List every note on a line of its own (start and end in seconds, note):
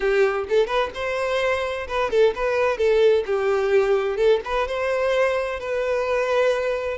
0.00 0.45 G4
0.49 0.66 A4
0.66 0.90 B4
0.94 1.87 C5
1.87 2.10 B4
2.10 2.33 A4
2.35 2.77 B4
2.77 3.24 A4
3.26 4.16 G4
4.16 4.40 A4
4.44 4.67 B4
4.67 5.59 C5
5.59 6.97 B4